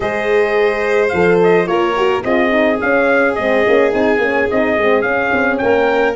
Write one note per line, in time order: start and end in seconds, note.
0.00 1.12 G#3
0.00 1.12 G#4
0.00 1.67 C5
0.00 1.08 D#5
1.08 1.66 F3
1.08 1.66 A4
1.08 1.36 F5
1.43 1.67 D#5
1.66 2.22 A#3
1.66 1.94 F4
1.66 2.23 A#4
1.66 2.23 C#5
1.96 2.25 F#4
2.24 2.80 C4
2.24 2.50 F4
2.24 5.61 G#4
2.24 2.80 D#5
2.50 2.78 D#4
2.80 3.37 C#4
2.80 3.35 F5
3.35 3.66 G#3
3.35 3.66 C4
3.35 3.91 D#5
3.66 3.93 A#3
3.66 3.90 C#4
3.90 4.18 C4
3.90 4.18 D#4
3.90 4.49 G#5
4.18 4.46 A#3
4.18 4.49 C#4
4.50 4.77 C4
4.50 4.78 D#4
4.50 5.01 D#5
4.77 5.03 G#3
4.77 5.03 C4
5.01 5.31 C#4
5.01 6.15 C#4
5.01 5.57 F5
5.32 5.60 C4
5.58 6.15 A#3
5.58 6.15 A#4
5.58 6.14 G5